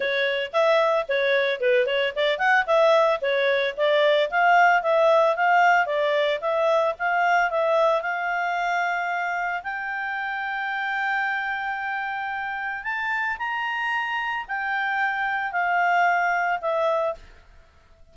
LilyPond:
\new Staff \with { instrumentName = "clarinet" } { \time 4/4 \tempo 4 = 112 cis''4 e''4 cis''4 b'8 cis''8 | d''8 fis''8 e''4 cis''4 d''4 | f''4 e''4 f''4 d''4 | e''4 f''4 e''4 f''4~ |
f''2 g''2~ | g''1 | a''4 ais''2 g''4~ | g''4 f''2 e''4 | }